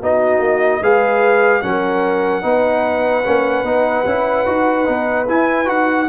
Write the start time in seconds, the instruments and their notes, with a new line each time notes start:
0.00 tuba B3, trombone D#4, horn F#4, trumpet D#5
0.39 tuba A#3
0.81 tuba G#3, trombone G#4, horn B4, trumpet F5
1.62 tuba F#3, trombone C#4, horn A#4, trumpet F#5
2.42 tuba B3, trombone D#4, horn B4
3.24 tuba A#3, trombone C#4
3.63 tuba B3, trombone D#4
4.06 tuba C#4, trombone E4
4.46 tuba D#4, trombone F#4
4.86 tuba B3, trombone D#4
5.29 tuba E4, trombone E4, trumpet G#5
5.66 tuba D#4, trombone F#4, trumpet F#5